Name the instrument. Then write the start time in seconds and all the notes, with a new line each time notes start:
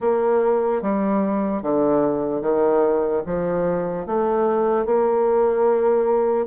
bassoon
0.00 A#3
0.81 G3
1.62 D3
2.41 D#3
3.26 F3
4.06 A3
4.85 A#3